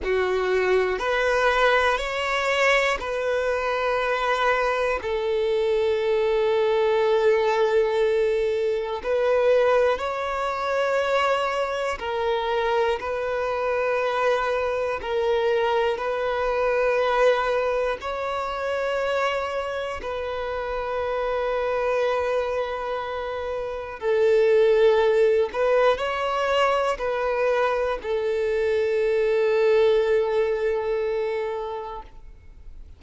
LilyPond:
\new Staff \with { instrumentName = "violin" } { \time 4/4 \tempo 4 = 60 fis'4 b'4 cis''4 b'4~ | b'4 a'2.~ | a'4 b'4 cis''2 | ais'4 b'2 ais'4 |
b'2 cis''2 | b'1 | a'4. b'8 cis''4 b'4 | a'1 | }